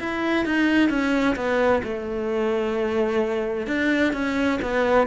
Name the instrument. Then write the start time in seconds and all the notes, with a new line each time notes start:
cello
0.00 E4
0.46 D#4
0.90 C#4
1.36 B3
1.84 A3
3.68 D4
4.14 C#4
4.62 B3